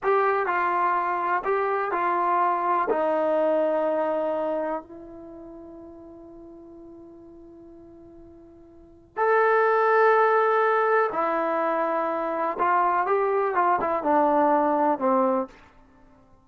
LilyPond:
\new Staff \with { instrumentName = "trombone" } { \time 4/4 \tempo 4 = 124 g'4 f'2 g'4 | f'2 dis'2~ | dis'2 e'2~ | e'1~ |
e'2. a'4~ | a'2. e'4~ | e'2 f'4 g'4 | f'8 e'8 d'2 c'4 | }